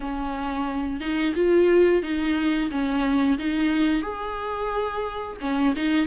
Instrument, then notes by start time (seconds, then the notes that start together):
viola
0.00 C#4
1.00 D#4
1.35 F4
2.02 D#4
2.70 C#4
3.38 D#4
4.01 G#4
5.41 C#4
5.76 D#4